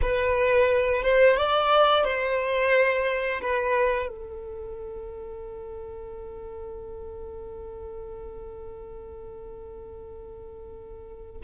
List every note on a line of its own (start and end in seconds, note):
0.01 1.02 B4
1.02 1.36 C5
1.36 2.04 D5
2.04 3.40 C5
3.41 4.08 B4
4.08 11.40 A4